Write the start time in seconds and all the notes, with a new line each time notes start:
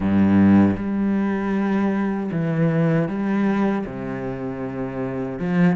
0.00 G2
0.76 G3
2.31 E3
3.08 G3
3.86 C3
5.38 F3